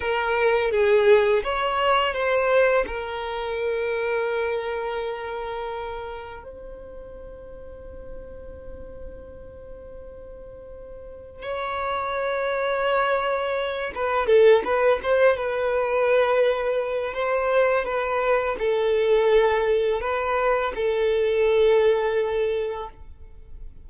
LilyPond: \new Staff \with { instrumentName = "violin" } { \time 4/4 \tempo 4 = 84 ais'4 gis'4 cis''4 c''4 | ais'1~ | ais'4 c''2.~ | c''1 |
cis''2.~ cis''8 b'8 | a'8 b'8 c''8 b'2~ b'8 | c''4 b'4 a'2 | b'4 a'2. | }